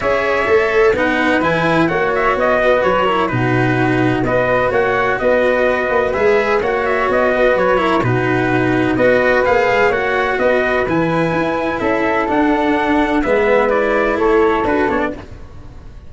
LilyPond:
<<
  \new Staff \with { instrumentName = "trumpet" } { \time 4/4 \tempo 4 = 127 e''2 fis''4 gis''4 | fis''8 e''8 dis''4 cis''4 b'4~ | b'4 dis''4 fis''4 dis''4~ | dis''4 e''4 fis''8 e''8 dis''4 |
cis''4 b'2 dis''4 | f''4 fis''4 dis''4 gis''4~ | gis''4 e''4 fis''2 | e''4 d''4 cis''4 b'8 cis''16 d''16 | }
  \new Staff \with { instrumentName = "flute" } { \time 4/4 cis''2 b'2 | cis''4. b'4 ais'8 fis'4~ | fis'4 b'4 cis''4 b'4~ | b'2 cis''4. b'8~ |
b'8 ais'8 fis'2 b'4~ | b'4 cis''4 b'2~ | b'4 a'2. | b'2 a'2 | }
  \new Staff \with { instrumentName = "cello" } { \time 4/4 gis'4 a'4 dis'4 e'4 | fis'2~ fis'8 e'8 dis'4~ | dis'4 fis'2.~ | fis'4 gis'4 fis'2~ |
fis'8 e'8 dis'2 fis'4 | gis'4 fis'2 e'4~ | e'2 d'2 | b4 e'2 fis'8 d'8 | }
  \new Staff \with { instrumentName = "tuba" } { \time 4/4 cis'4 a4 b4 e4 | ais4 b4 fis4 b,4~ | b,4 b4 ais4 b4~ | b8 ais8 gis4 ais4 b4 |
fis4 b,2 b4 | ais8 gis8 ais4 b4 e4 | e'4 cis'4 d'2 | gis2 a4 d'8 b8 | }
>>